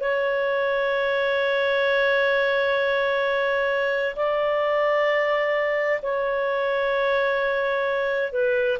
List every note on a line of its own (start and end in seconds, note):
0.00 4.15 C#5
4.16 6.00 D5
6.02 8.32 C#5
8.32 8.78 B4